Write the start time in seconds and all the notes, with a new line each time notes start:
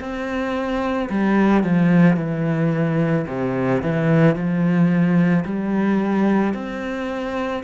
0.00 C4
1.10 G3
1.64 F3
2.17 E3
3.28 C3
3.82 E3
4.36 F3
5.45 G3
6.55 C4